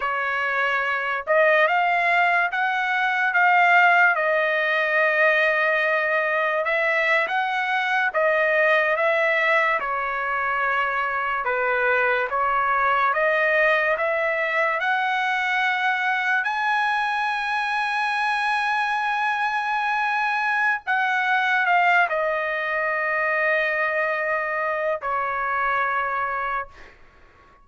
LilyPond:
\new Staff \with { instrumentName = "trumpet" } { \time 4/4 \tempo 4 = 72 cis''4. dis''8 f''4 fis''4 | f''4 dis''2. | e''8. fis''4 dis''4 e''4 cis''16~ | cis''4.~ cis''16 b'4 cis''4 dis''16~ |
dis''8. e''4 fis''2 gis''16~ | gis''1~ | gis''4 fis''4 f''8 dis''4.~ | dis''2 cis''2 | }